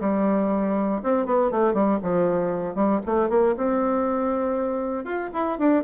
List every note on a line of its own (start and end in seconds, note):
0.00 1.02 G3
1.03 1.26 C4
1.26 1.51 B3
1.51 1.74 A3
1.74 1.99 G3
2.02 2.75 F3
2.75 3.00 G3
3.06 3.29 A3
3.29 3.55 A#3
3.57 5.04 C4
5.04 5.30 F4
5.33 5.58 E4
5.58 5.84 D4